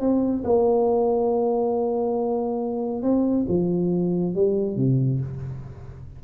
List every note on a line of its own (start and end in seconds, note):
0.00 0.43 C4
0.44 3.03 A#3
3.03 3.46 C4
3.48 4.35 F3
4.35 4.76 G3
4.76 5.20 C3